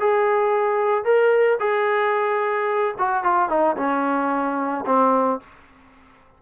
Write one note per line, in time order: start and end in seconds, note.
0.00 1.04 G#4
1.04 1.58 A#4
1.60 2.95 G#4
2.98 3.23 F#4
3.23 3.49 F4
3.49 3.76 D#4
3.76 4.85 C#4
4.86 5.40 C4